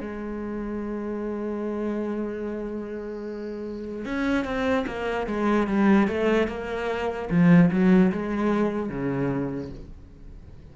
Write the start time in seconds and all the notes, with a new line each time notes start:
0.00 G#3
4.05 C#4
4.44 C4
4.86 A#3
5.26 G#3
5.67 G3
6.07 A3
6.47 A#3
7.29 F3
7.71 F#3
8.12 G#3
8.89 C#3